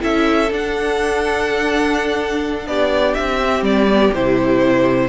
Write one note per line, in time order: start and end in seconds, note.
0.00 0.50 C#4
0.00 0.48 E4
0.00 2.66 A4
0.00 0.52 E5
0.50 2.66 D4
0.50 3.41 D4
0.50 2.67 F#5
2.66 3.15 B3
2.66 5.09 G4
2.66 3.14 D5
3.14 3.61 C4
3.14 3.63 E5
3.41 3.89 C4
3.61 4.10 G3
3.61 4.13 D5
3.89 4.14 B3
4.13 5.09 C3
4.13 5.09 E4
4.13 5.09 C5